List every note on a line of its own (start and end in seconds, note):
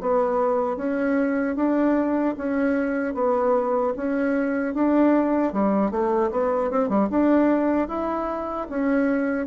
0.00 0.76 B3
0.76 1.55 C#4
1.55 2.34 D4
2.37 3.14 C#4
3.14 3.93 B3
3.96 4.74 C#4
4.74 5.52 D4
5.52 5.91 G3
5.91 6.30 A3
6.31 6.70 B3
6.70 6.89 C4
6.89 7.08 G3
7.09 7.88 D4
7.88 8.67 E4
8.69 9.46 C#4